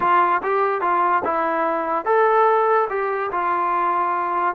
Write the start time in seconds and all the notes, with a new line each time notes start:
0.00 F4
0.43 G4
0.81 F4
1.24 E4
2.05 A4
2.89 G4
3.31 F4